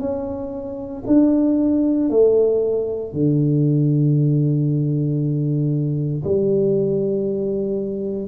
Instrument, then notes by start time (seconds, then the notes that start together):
tuba
0.00 C#4
1.07 D4
2.10 A3
3.13 D3
6.24 G3